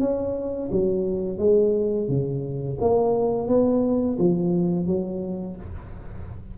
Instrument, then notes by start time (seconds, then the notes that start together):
tuba
0.00 C#4
0.72 F#3
1.39 G#3
2.09 C#3
2.81 A#3
3.48 B3
4.19 F3
4.87 F#3